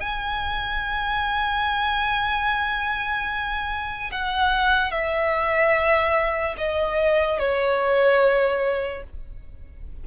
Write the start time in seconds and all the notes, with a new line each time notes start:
0.00 G#5
4.11 F#5
4.91 E5
6.58 D#5
7.39 C#5